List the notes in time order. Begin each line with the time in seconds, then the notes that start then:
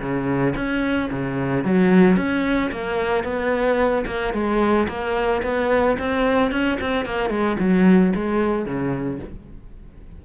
0.00 C#3
0.56 C#4
1.11 C#3
1.64 F#3
2.17 C#4
2.71 A#3
3.24 B3
4.06 A#3
4.33 G#3
4.88 A#3
5.43 B3
5.99 C4
6.51 C#4
6.81 C4
7.05 A#3
7.30 G#3
7.59 F#3
8.15 G#3
8.65 C#3